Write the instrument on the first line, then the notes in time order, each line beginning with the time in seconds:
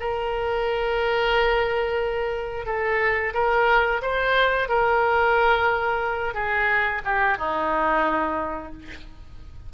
oboe
0.00 A#4
2.66 A4
3.34 A#4
4.02 C5
4.69 A#4
6.35 G#4
7.05 G4
7.38 D#4